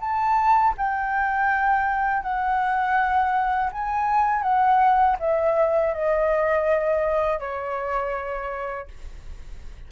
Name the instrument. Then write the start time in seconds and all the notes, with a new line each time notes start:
flute
0.00 A5
0.77 G5
2.22 F#5
3.72 G#5
4.42 F#5
5.19 E5
5.93 D#5
7.39 C#5